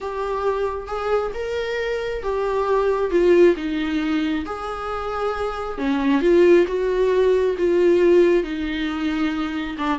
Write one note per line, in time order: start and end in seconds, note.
0.00 0.87 G4
0.87 1.31 G#4
1.34 2.22 A#4
2.22 3.11 G4
3.11 3.55 F4
3.56 4.45 D#4
4.45 5.78 G#4
5.78 6.21 C#4
6.21 6.65 F4
6.67 7.56 F#4
7.57 8.43 F4
8.43 9.76 D#4
9.78 9.99 D4